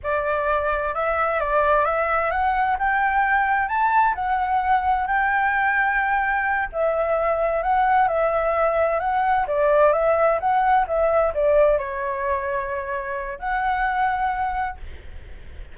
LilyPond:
\new Staff \with { instrumentName = "flute" } { \time 4/4 \tempo 4 = 130 d''2 e''4 d''4 | e''4 fis''4 g''2 | a''4 fis''2 g''4~ | g''2~ g''8 e''4.~ |
e''8 fis''4 e''2 fis''8~ | fis''8 d''4 e''4 fis''4 e''8~ | e''8 d''4 cis''2~ cis''8~ | cis''4 fis''2. | }